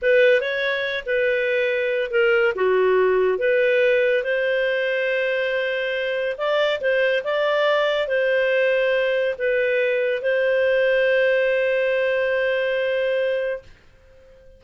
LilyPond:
\new Staff \with { instrumentName = "clarinet" } { \time 4/4 \tempo 4 = 141 b'4 cis''4. b'4.~ | b'4 ais'4 fis'2 | b'2 c''2~ | c''2. d''4 |
c''4 d''2 c''4~ | c''2 b'2 | c''1~ | c''1 | }